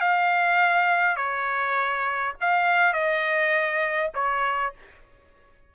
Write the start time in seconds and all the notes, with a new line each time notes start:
0.00 F5
1.16 C#5
2.40 F5
2.93 D#5
4.14 C#5